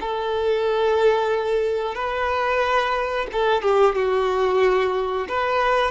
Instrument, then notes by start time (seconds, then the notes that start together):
violin
0.00 A4
1.95 B4
3.32 A4
3.62 G4
3.95 F#4
5.28 B4